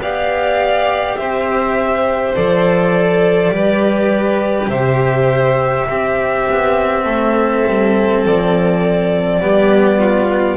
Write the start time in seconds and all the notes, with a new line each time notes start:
0.00 B3 G4 D5 F5
1.17 C4 C5 E5
2.36 F3 A4 D5
3.50 G3 G4 B4
4.69 C3 C5 E5
5.90 C4 G4
6.50 B3
7.05 A3 A4
7.67 G3
8.25 F3 D5
9.41 G3 B3 G4
9.99 F4